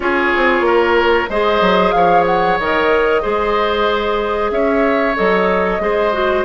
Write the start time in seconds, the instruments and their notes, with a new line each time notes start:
0.00 bassoon C#4, clarinet F4, oboe G#4, flute C#5
0.36 bassoon C4
0.60 bassoon A#3, oboe A#4
1.29 bassoon G#3, clarinet G#4, oboe C5, flute D#5
1.60 bassoon F#3
1.91 bassoon F3, oboe C#5, flute F5
2.26 flute F#5
2.59 bassoon D#3, clarinet A#4, flute D#5
3.22 bassoon G#3, clarinet G#4, oboe C5
4.50 bassoon C#4, oboe C#5, flute E5
5.16 bassoon F#3, clarinet A4, flute D#5
5.79 bassoon G#3, clarinet G#4, oboe C5
6.12 clarinet F#4